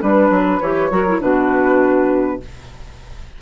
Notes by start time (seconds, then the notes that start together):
0.00 G3 D4 B4
0.30 F#3
0.61 E3 G4 C#5
0.91 F#3 F#4 A#4
1.07 E4
1.20 B2 D4 F#4 B4